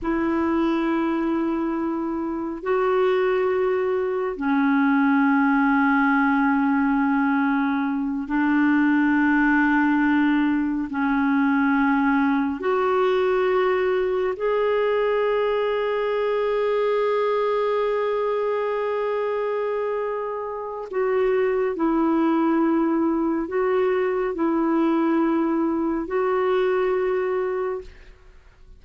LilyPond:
\new Staff \with { instrumentName = "clarinet" } { \time 4/4 \tempo 4 = 69 e'2. fis'4~ | fis'4 cis'2.~ | cis'4. d'2~ d'8~ | d'8 cis'2 fis'4.~ |
fis'8 gis'2.~ gis'8~ | gis'1 | fis'4 e'2 fis'4 | e'2 fis'2 | }